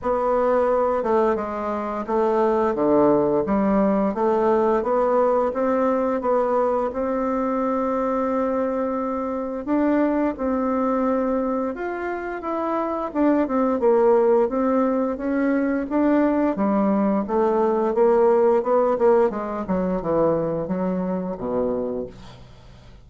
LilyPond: \new Staff \with { instrumentName = "bassoon" } { \time 4/4 \tempo 4 = 87 b4. a8 gis4 a4 | d4 g4 a4 b4 | c'4 b4 c'2~ | c'2 d'4 c'4~ |
c'4 f'4 e'4 d'8 c'8 | ais4 c'4 cis'4 d'4 | g4 a4 ais4 b8 ais8 | gis8 fis8 e4 fis4 b,4 | }